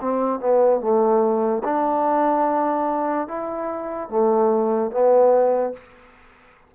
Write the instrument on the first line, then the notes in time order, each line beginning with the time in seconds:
trombone
0.00 C4
0.39 B3
0.80 A3
1.64 D4
3.28 E4
4.09 A3
4.91 B3